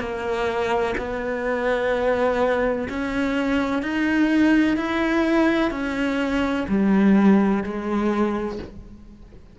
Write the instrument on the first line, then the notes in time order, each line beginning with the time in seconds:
cello
0.00 A#3
0.98 B3
2.90 C#4
3.83 D#4
4.77 E4
5.71 C#4
6.69 G3
7.64 G#3